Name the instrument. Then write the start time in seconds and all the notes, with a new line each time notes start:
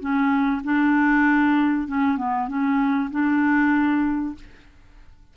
clarinet
0.00 C#4
0.64 D4
1.88 C#4
2.17 B3
2.48 C#4
3.11 D4